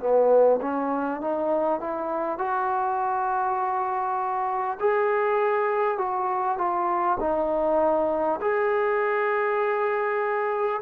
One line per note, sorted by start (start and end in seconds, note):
0.00 0.60 B3
0.62 1.21 C#4
1.21 1.80 D#4
1.80 2.38 E4
2.38 4.78 F#4
4.79 5.98 G#4
5.98 6.58 F#4
6.58 7.18 F4
7.20 8.40 D#4
8.41 10.81 G#4